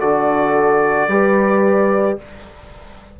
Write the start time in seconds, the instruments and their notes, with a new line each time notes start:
0.00 bassoon D3, trombone F#4, horn A4, trumpet D5
1.08 bassoon G3, trombone G4, horn B4